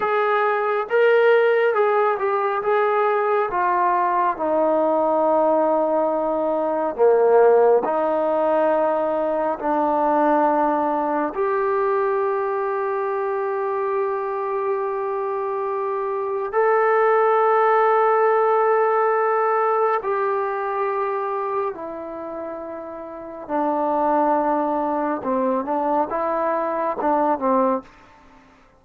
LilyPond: \new Staff \with { instrumentName = "trombone" } { \time 4/4 \tempo 4 = 69 gis'4 ais'4 gis'8 g'8 gis'4 | f'4 dis'2. | ais4 dis'2 d'4~ | d'4 g'2.~ |
g'2. a'4~ | a'2. g'4~ | g'4 e'2 d'4~ | d'4 c'8 d'8 e'4 d'8 c'8 | }